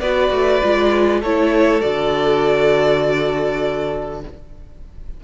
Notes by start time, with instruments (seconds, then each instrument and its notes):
0.00 cello B3, viola F#4, violin B4 D5
0.32 cello A3
0.63 cello G#3, viola F4
1.20 cello A3, viola E4, violin A4 C#5
1.81 cello D3, viola F#4, violin D5